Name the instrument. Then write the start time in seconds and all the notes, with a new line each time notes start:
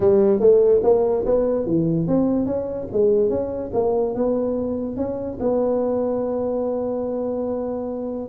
tuba
0.00 G3
0.39 A3
0.83 A#3
1.25 B3
1.66 E3
2.07 C4
2.46 C#4
2.92 G#3
3.29 C#4
3.73 A#3
4.14 B3
4.96 C#4
5.40 B3